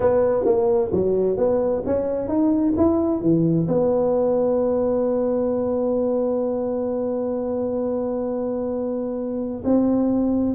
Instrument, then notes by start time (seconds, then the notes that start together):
tuba
0.00 B3
0.45 A#3
0.91 F#3
1.37 B3
1.85 C#4
2.28 D#4
2.76 E4
3.21 E3
3.67 B3
9.64 C4